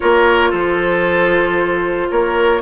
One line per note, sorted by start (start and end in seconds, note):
0.00 0.52 A#3
0.00 2.61 F4
0.00 0.49 A#4
0.00 0.52 C#5
0.49 2.10 F3
0.49 2.07 A4
0.49 2.09 C5
2.09 2.62 A#3
2.09 2.62 A#4
2.09 2.62 C#5